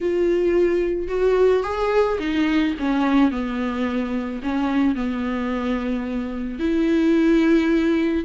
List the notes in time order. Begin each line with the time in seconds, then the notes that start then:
0.00 F4
1.08 F#4
1.63 G#4
2.19 D#4
2.79 C#4
3.31 B3
4.42 C#4
4.95 B3
6.59 E4